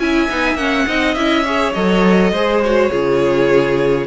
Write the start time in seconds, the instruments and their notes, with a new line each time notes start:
0.00 cello C#4, viola E4, violin E5 G#5
0.30 cello B3, viola D#4
0.55 cello A#3, viola C#4, violin F#5
0.87 cello C4, viola D#4, violin D#5
1.15 cello C#4, viola E4, violin E5
1.45 viola G#4, violin C#5
1.74 cello F#3, viola A4, violin D#5
2.32 cello G#3, viola G#4, violin C5
2.65 viola F#4, violin C#5
2.90 cello C#3, viola F4, violin G#4